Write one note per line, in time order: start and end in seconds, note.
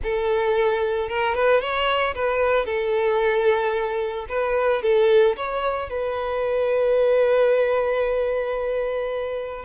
0.03 1.08 A4
1.08 1.34 A#4
1.34 1.60 B4
1.60 2.14 C#5
2.14 2.65 B4
2.65 4.26 A4
4.29 4.82 B4
4.82 5.36 A4
5.36 5.89 C#5
5.89 9.64 B4